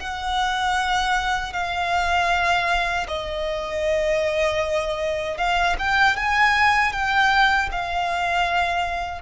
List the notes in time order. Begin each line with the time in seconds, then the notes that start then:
0.00 F#5
1.53 F5
3.08 D#5
5.38 F5
5.79 G5
6.17 G#5
6.93 G5
7.72 F5